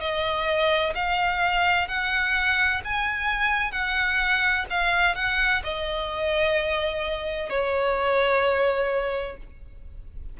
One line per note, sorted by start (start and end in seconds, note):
0.00 0.94 D#5
0.95 1.88 F5
1.88 2.82 F#5
2.84 3.72 G#5
3.72 4.65 F#5
4.70 5.15 F5
5.15 5.62 F#5
5.63 7.50 D#5
7.50 9.37 C#5